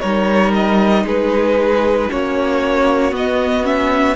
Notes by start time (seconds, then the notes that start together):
0.00 G3 D#4 A#4 C#5
0.54 D#5
1.05 G#3 G#4 B4
2.10 A#3 C#4 F#4 C#5
3.12 B3 D#5
3.63 C#4 E5